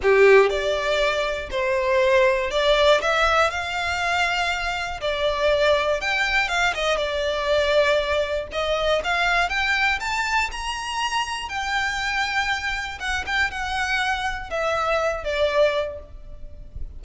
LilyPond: \new Staff \with { instrumentName = "violin" } { \time 4/4 \tempo 4 = 120 g'4 d''2 c''4~ | c''4 d''4 e''4 f''4~ | f''2 d''2 | g''4 f''8 dis''8 d''2~ |
d''4 dis''4 f''4 g''4 | a''4 ais''2 g''4~ | g''2 fis''8 g''8 fis''4~ | fis''4 e''4. d''4. | }